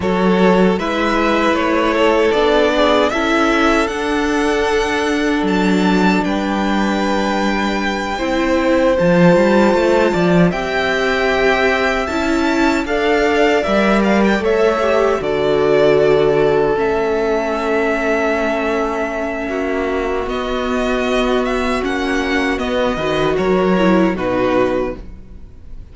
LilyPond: <<
  \new Staff \with { instrumentName = "violin" } { \time 4/4 \tempo 4 = 77 cis''4 e''4 cis''4 d''4 | e''4 fis''2 a''4 | g''2.~ g''8 a''8~ | a''4. g''2 a''8~ |
a''8 f''4 e''8 f''16 g''16 e''4 d''8~ | d''4. e''2~ e''8~ | e''2 dis''4. e''8 | fis''4 dis''4 cis''4 b'4 | }
  \new Staff \with { instrumentName = "violin" } { \time 4/4 a'4 b'4. a'4 gis'8 | a'1 | b'2~ b'8 c''4.~ | c''4 d''8 e''2~ e''8~ |
e''8 d''2 cis''4 a'8~ | a'1~ | a'4 fis'2.~ | fis'4. b'8 ais'4 fis'4 | }
  \new Staff \with { instrumentName = "viola" } { \time 4/4 fis'4 e'2 d'4 | e'4 d'2.~ | d'2~ d'8 e'4 f'8~ | f'4. g'2 e'8~ |
e'8 a'4 ais'4 a'8 g'8 fis'8~ | fis'4. cis'2~ cis'8~ | cis'2 b2 | cis'4 b8 fis'4 e'8 dis'4 | }
  \new Staff \with { instrumentName = "cello" } { \time 4/4 fis4 gis4 a4 b4 | cis'4 d'2 fis4 | g2~ g8 c'4 f8 | g8 a8 f8 c'2 cis'8~ |
cis'8 d'4 g4 a4 d8~ | d4. a2~ a8~ | a4 ais4 b2 | ais4 b8 dis8 fis4 b,4 | }
>>